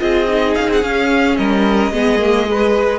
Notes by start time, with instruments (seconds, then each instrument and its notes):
0.00 cello C4, viola F4, violin G#4 D#5
0.28 viola D#4
0.55 cello C#4, violin F5
0.68 cello C4, violin F#5
0.82 cello C#4, viola C#4, violin F5
1.37 cello G3, violin A#4 D#5
1.91 cello G#3, viola B3, violin G#4
2.19 viola A#3
2.47 viola G#3, violin B4